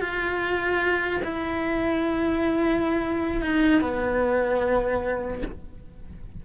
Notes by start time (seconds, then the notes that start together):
0.00 F4
1.24 E4
3.42 D#4
3.81 B3